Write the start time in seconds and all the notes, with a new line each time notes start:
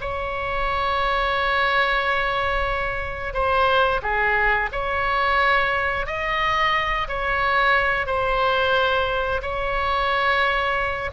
0.00 C#5
3.33 C5
4.02 G#4
4.72 C#5
6.06 D#5
7.08 C#5
8.06 C5
9.42 C#5